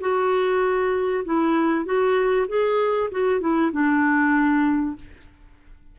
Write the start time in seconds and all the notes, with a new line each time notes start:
0.00 F#4
1.25 E4
1.85 F#4
2.48 G#4
3.11 F#4
3.40 E4
3.72 D4